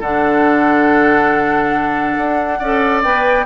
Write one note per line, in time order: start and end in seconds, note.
0.00 2.16 D3
0.00 2.62 D4
0.00 2.59 A4
0.00 3.03 F#5
2.17 2.60 D4
2.59 3.03 C#4
2.59 3.04 A4
2.59 3.46 D5
3.03 3.46 B3
3.03 3.46 B4
3.03 3.46 G5